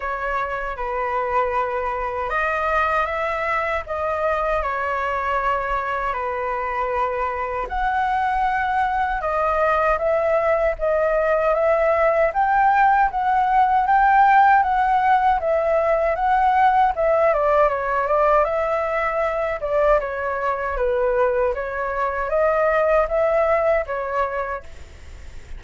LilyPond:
\new Staff \with { instrumentName = "flute" } { \time 4/4 \tempo 4 = 78 cis''4 b'2 dis''4 | e''4 dis''4 cis''2 | b'2 fis''2 | dis''4 e''4 dis''4 e''4 |
g''4 fis''4 g''4 fis''4 | e''4 fis''4 e''8 d''8 cis''8 d''8 | e''4. d''8 cis''4 b'4 | cis''4 dis''4 e''4 cis''4 | }